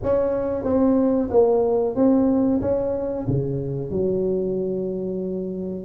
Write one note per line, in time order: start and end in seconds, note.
0.03 0.63 C#4
0.63 1.29 C4
1.30 1.95 A#3
1.95 2.61 C4
2.61 3.26 C#4
3.27 3.90 C#3
3.90 5.85 F#3